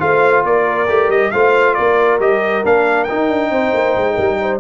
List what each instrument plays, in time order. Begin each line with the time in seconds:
0.00 tuba A3, trombone F4, horn C5, trumpet F5
0.44 tuba A#3, horn A#4, trumpet D5
0.88 tuba A3, trombone G4
1.09 tuba G3, trumpet D#5
1.32 tuba A3, trombone F4, horn C5, trumpet F5
1.75 tuba A#3, horn A#4, trumpet D5
2.20 tuba G3, trombone G4, trumpet D#5
2.64 tuba A#3, trombone D4, trumpet F5
3.04 trombone D#4, trumpet G5
3.12 tuba D#4
3.29 tuba D4
3.51 tuba C4, horn C5
3.74 tuba A#3
3.96 tuba G#3
4.15 tuba G3, horn A#4
4.42 horn C5